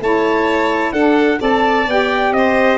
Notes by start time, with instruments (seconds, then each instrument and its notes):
0.00 tuba A3, saxophone E4, violin C#5, trumpet A5
0.92 tuba D4, saxophone D4, violin A4, trumpet F#5
1.39 tuba C4, saxophone A4, violin D5, trumpet A5
1.87 tuba B3, saxophone G4, trumpet G5
2.32 tuba C4, violin C5, trumpet D#5